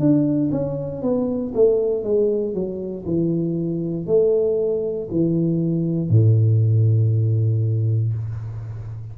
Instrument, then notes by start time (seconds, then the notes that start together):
tuba
0.00 D4
0.52 C#4
1.03 B3
1.55 A3
2.04 G#3
2.54 F#3
3.06 E3
4.07 A3
5.11 E3
6.10 A2